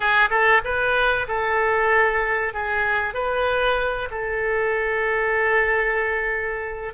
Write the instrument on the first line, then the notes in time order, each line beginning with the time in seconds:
oboe
0.00 G#4
0.30 A4
0.64 B4
1.28 A4
2.53 G#4
3.13 B4
4.10 A4